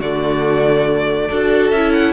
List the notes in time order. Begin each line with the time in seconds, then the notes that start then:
0.00 D3 A3 F#4 D5
1.28 D4 F#4 A4
1.71 C#4 E4 E5
1.93 F#5